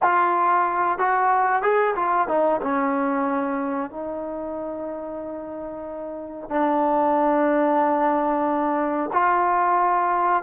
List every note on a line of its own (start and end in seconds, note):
0.02 0.98 F4
0.98 1.62 F#4
1.62 1.94 G#4
1.95 2.28 F4
2.28 2.60 D#4
2.61 3.90 C#4
3.90 6.49 D#4
6.49 9.10 D4
9.12 10.43 F4